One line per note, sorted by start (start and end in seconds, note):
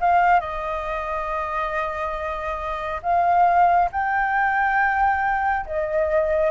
0.00 0.40 F5
0.40 3.01 D#5
3.02 3.89 F5
3.92 5.66 G5
5.66 6.51 D#5